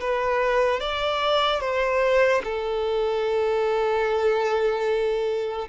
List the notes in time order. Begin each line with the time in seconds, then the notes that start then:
0.00 B4
0.80 D5
1.61 C5
2.44 A4